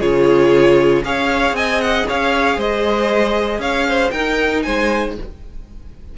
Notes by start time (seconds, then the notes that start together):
0.00 C#3 F4 G#4 C#5
1.04 C#4 G#4 C#5 F5
1.52 C4 D#5 G#5
1.81 F#5
2.08 C#4 C#5 F5
2.57 G#3 C5 D#5
3.59 C#4 C#5 F5
3.88 C5
4.11 D#4 A#4 G5
4.63 G#3 C5 G#5